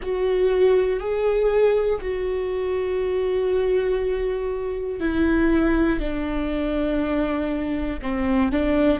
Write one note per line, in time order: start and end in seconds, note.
0.02 1.00 F#4
1.00 2.00 G#4
2.01 5.00 F#4
5.00 5.99 E4
5.99 7.99 D4
8.02 8.51 C4
8.51 8.99 D4